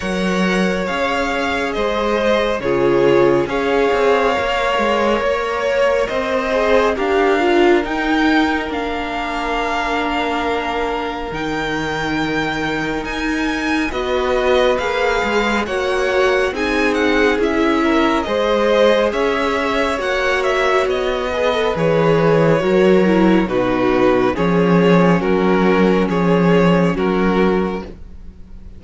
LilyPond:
<<
  \new Staff \with { instrumentName = "violin" } { \time 4/4 \tempo 4 = 69 fis''4 f''4 dis''4 cis''4 | f''2 cis''4 dis''4 | f''4 g''4 f''2~ | f''4 g''2 gis''4 |
dis''4 f''4 fis''4 gis''8 fis''8 | e''4 dis''4 e''4 fis''8 e''8 | dis''4 cis''2 b'4 | cis''4 ais'4 cis''4 ais'4 | }
  \new Staff \with { instrumentName = "violin" } { \time 4/4 cis''2 c''4 gis'4 | cis''2. c''4 | ais'1~ | ais'1 |
b'2 cis''4 gis'4~ | gis'8 ais'8 c''4 cis''2~ | cis''8 b'4. ais'4 fis'4 | gis'4 fis'4 gis'4 fis'4 | }
  \new Staff \with { instrumentName = "viola" } { \time 4/4 ais'4 gis'2 f'4 | gis'4 ais'2~ ais'8 gis'8 | g'8 f'8 dis'4 d'2~ | d'4 dis'2. |
fis'4 gis'4 fis'4 dis'4 | e'4 gis'2 fis'4~ | fis'8 gis'16 a'16 gis'4 fis'8 e'8 dis'4 | cis'1 | }
  \new Staff \with { instrumentName = "cello" } { \time 4/4 fis4 cis'4 gis4 cis4 | cis'8 c'8 ais8 gis8 ais4 c'4 | d'4 dis'4 ais2~ | ais4 dis2 dis'4 |
b4 ais8 gis8 ais4 c'4 | cis'4 gis4 cis'4 ais4 | b4 e4 fis4 b,4 | f4 fis4 f4 fis4 | }
>>